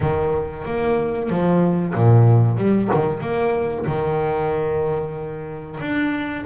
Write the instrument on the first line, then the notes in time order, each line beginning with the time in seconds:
double bass
0.00 D#3
0.65 A#3
1.29 F3
1.94 A#2
2.57 G3
2.94 D#3
3.21 A#3
3.85 D#3
5.80 D4